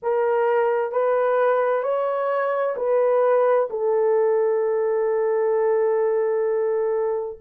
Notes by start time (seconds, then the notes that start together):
0.02 A#4
0.91 B4
1.82 C#5
2.76 B4
3.69 A4